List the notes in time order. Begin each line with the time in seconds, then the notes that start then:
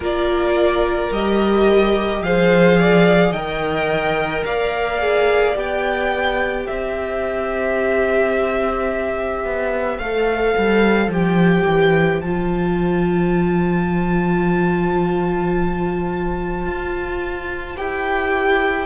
0.00 A#3 F4 A#4 D5
1.11 G3 G4 D#5
2.21 F3 G#4 C5 F5
2.80 D5
3.31 D#3 A#4 D#5 G5
4.45 A#3 D5 F5
4.98 G#4
5.54 B3 G4 G5
6.64 C4 C5 E5
9.44 B3
9.98 A3 A4 F5
10.57 G3
11.07 F3 G4 G5
11.66 E3
12.21 F3 F4 A5
16.66 F4
17.76 E4 G4 G5